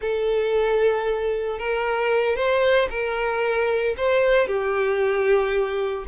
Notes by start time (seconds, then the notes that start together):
0.01 A4
1.58 A#4
2.35 C5
2.90 A#4
3.97 C5
4.47 G4